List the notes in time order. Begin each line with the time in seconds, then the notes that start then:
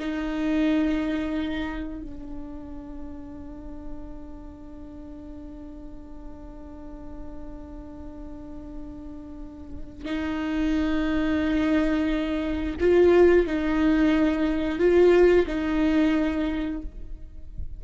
0.00 D#4
2.02 D4
10.06 D#4
12.81 F4
13.47 D#4
14.79 F4
15.47 D#4